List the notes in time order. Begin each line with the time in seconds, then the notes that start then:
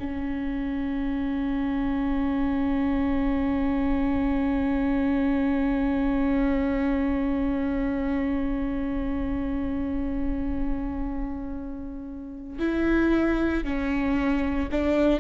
0.00 C#4
12.59 E4
13.64 C#4
14.72 D4